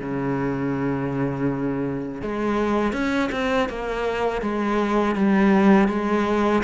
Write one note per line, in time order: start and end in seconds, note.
0.00 2.22 C#3
2.22 2.93 G#3
2.93 3.30 C#4
3.32 3.69 C4
3.69 4.42 A#3
4.42 5.16 G#3
5.16 5.89 G3
5.89 6.63 G#3